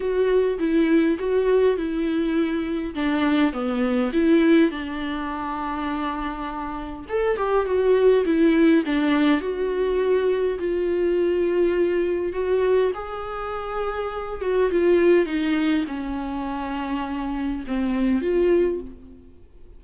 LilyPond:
\new Staff \with { instrumentName = "viola" } { \time 4/4 \tempo 4 = 102 fis'4 e'4 fis'4 e'4~ | e'4 d'4 b4 e'4 | d'1 | a'8 g'8 fis'4 e'4 d'4 |
fis'2 f'2~ | f'4 fis'4 gis'2~ | gis'8 fis'8 f'4 dis'4 cis'4~ | cis'2 c'4 f'4 | }